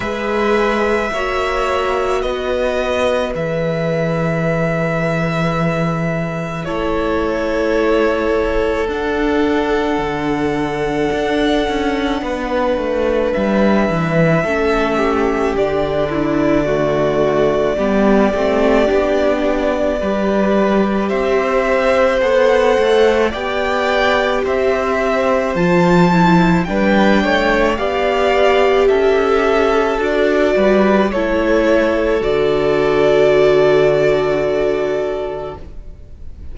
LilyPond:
<<
  \new Staff \with { instrumentName = "violin" } { \time 4/4 \tempo 4 = 54 e''2 dis''4 e''4~ | e''2 cis''2 | fis''1 | e''2 d''2~ |
d''2. e''4 | fis''4 g''4 e''4 a''4 | g''4 f''4 e''4 d''4 | cis''4 d''2. | }
  \new Staff \with { instrumentName = "violin" } { \time 4/4 b'4 cis''4 b'2~ | b'2 a'2~ | a'2. b'4~ | b'4 a'8 g'4 e'8 fis'4 |
g'2 b'4 c''4~ | c''4 d''4 c''2 | b'8 cis''8 d''4 a'4. b'8 | a'1 | }
  \new Staff \with { instrumentName = "viola" } { \time 4/4 gis'4 fis'2 gis'4~ | gis'2 e'2 | d'1~ | d'4 cis'4 d'4 a4 |
b8 c'8 d'4 g'2 | a'4 g'2 f'8 e'8 | d'4 g'2 fis'4 | e'4 fis'2. | }
  \new Staff \with { instrumentName = "cello" } { \time 4/4 gis4 ais4 b4 e4~ | e2 a2 | d'4 d4 d'8 cis'8 b8 a8 | g8 e8 a4 d2 |
g8 a8 b4 g4 c'4 | b8 a8 b4 c'4 f4 | g8 a8 b4 cis'4 d'8 g8 | a4 d2. | }
>>